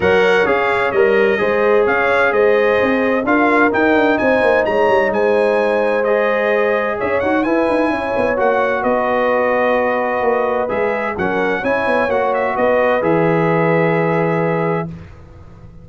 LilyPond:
<<
  \new Staff \with { instrumentName = "trumpet" } { \time 4/4 \tempo 4 = 129 fis''4 f''4 dis''2 | f''4 dis''2 f''4 | g''4 gis''4 ais''4 gis''4~ | gis''4 dis''2 e''8 fis''8 |
gis''2 fis''4 dis''4~ | dis''2. e''4 | fis''4 gis''4 fis''8 e''8 dis''4 | e''1 | }
  \new Staff \with { instrumentName = "horn" } { \time 4/4 cis''2. c''4 | cis''4 c''2 ais'4~ | ais'4 c''4 cis''4 c''4~ | c''2. cis''4 |
b'4 cis''2 b'4~ | b'1 | ais'4 cis''2 b'4~ | b'1 | }
  \new Staff \with { instrumentName = "trombone" } { \time 4/4 ais'4 gis'4 ais'4 gis'4~ | gis'2. f'4 | dis'1~ | dis'4 gis'2~ gis'8 fis'8 |
e'2 fis'2~ | fis'2. gis'4 | cis'4 e'4 fis'2 | gis'1 | }
  \new Staff \with { instrumentName = "tuba" } { \time 4/4 fis4 cis'4 g4 gis4 | cis'4 gis4 c'4 d'4 | dis'8 d'8 c'8 ais8 gis8 g8 gis4~ | gis2. cis'8 dis'8 |
e'8 dis'8 cis'8 b8 ais4 b4~ | b2 ais4 gis4 | fis4 cis'8 b8 ais4 b4 | e1 | }
>>